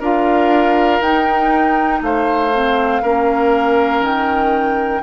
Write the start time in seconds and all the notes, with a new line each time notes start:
0.00 D4 F4 A#4 F5
1.01 D#4 G5
2.02 A3 C5 F5
2.53 C4
3.03 A#3 C#4 A#4
4.01 D#3 G5